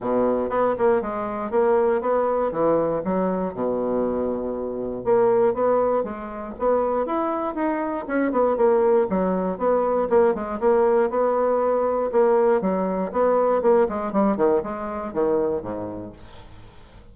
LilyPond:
\new Staff \with { instrumentName = "bassoon" } { \time 4/4 \tempo 4 = 119 b,4 b8 ais8 gis4 ais4 | b4 e4 fis4 b,4~ | b,2 ais4 b4 | gis4 b4 e'4 dis'4 |
cis'8 b8 ais4 fis4 b4 | ais8 gis8 ais4 b2 | ais4 fis4 b4 ais8 gis8 | g8 dis8 gis4 dis4 gis,4 | }